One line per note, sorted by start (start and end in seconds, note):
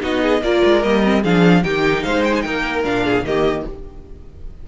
0.00 0.42 B3
0.00 0.41 D#4
0.00 0.22 F#4
0.00 0.43 D#5
0.22 0.42 G#4
0.42 0.62 A#3
0.42 0.83 F4
0.42 1.22 A#4
0.42 0.83 D5
0.64 0.84 G#3
0.83 1.24 G3
0.83 1.03 A#3
0.83 1.23 D#5
1.04 1.24 C4
1.22 1.64 F3
1.22 1.63 D4
1.22 1.62 G#4
1.22 1.63 F5
1.63 2.05 D#3
1.63 2.83 D#4
1.63 2.04 G4
1.63 2.03 G5
2.03 2.45 G#3
2.03 2.44 C5
2.03 2.23 F5
2.24 2.34 G5
2.35 2.42 G#5
2.42 2.84 A#3
2.42 3.05 A#4
2.42 2.82 G5
2.83 3.23 A#2
2.83 3.24 D4
2.83 3.26 F5
3.05 3.25 G#4
3.23 3.63 D#3
3.23 3.67 A#3
3.23 3.68 G4
3.23 3.66 D#5